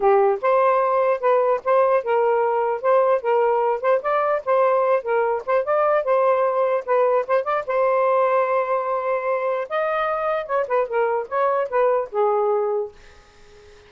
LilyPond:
\new Staff \with { instrumentName = "saxophone" } { \time 4/4 \tempo 4 = 149 g'4 c''2 b'4 | c''4 ais'2 c''4 | ais'4. c''8 d''4 c''4~ | c''8 ais'4 c''8 d''4 c''4~ |
c''4 b'4 c''8 d''8 c''4~ | c''1 | dis''2 cis''8 b'8 ais'4 | cis''4 b'4 gis'2 | }